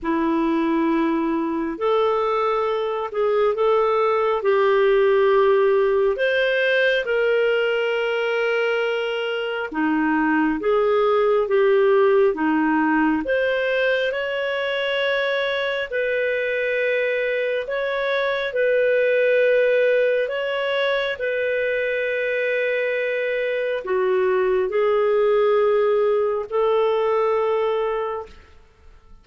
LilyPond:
\new Staff \with { instrumentName = "clarinet" } { \time 4/4 \tempo 4 = 68 e'2 a'4. gis'8 | a'4 g'2 c''4 | ais'2. dis'4 | gis'4 g'4 dis'4 c''4 |
cis''2 b'2 | cis''4 b'2 cis''4 | b'2. fis'4 | gis'2 a'2 | }